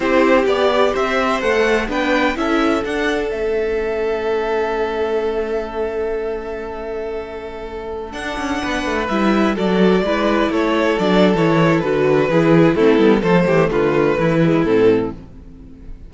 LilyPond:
<<
  \new Staff \with { instrumentName = "violin" } { \time 4/4 \tempo 4 = 127 c''4 d''4 e''4 fis''4 | g''4 e''4 fis''4 e''4~ | e''1~ | e''1~ |
e''4~ e''16 fis''2 e''8.~ | e''16 d''2 cis''4 d''8. | cis''4 b'2 a'4 | c''4 b'2 a'4 | }
  \new Staff \with { instrumentName = "violin" } { \time 4/4 g'2 c''2 | b'4 a'2.~ | a'1~ | a'1~ |
a'2~ a'16 b'4.~ b'16~ | b'16 a'4 b'4 a'4.~ a'16~ | a'2 gis'4 e'4 | a'8 g'8 f'4 e'2 | }
  \new Staff \with { instrumentName = "viola" } { \time 4/4 e'4 g'2 a'4 | d'4 e'4 d'4 cis'4~ | cis'1~ | cis'1~ |
cis'4~ cis'16 d'2 e'8.~ | e'16 fis'4 e'2 d'8. | e'4 fis'4 e'4 c'8 b8 | a2~ a8 gis8 c'4 | }
  \new Staff \with { instrumentName = "cello" } { \time 4/4 c'4 b4 c'4 a4 | b4 cis'4 d'4 a4~ | a1~ | a1~ |
a4~ a16 d'8 cis'8 b8 a8 g8.~ | g16 fis4 gis4 a4 fis8. | e4 d4 e4 a8 g8 | f8 e8 d4 e4 a,4 | }
>>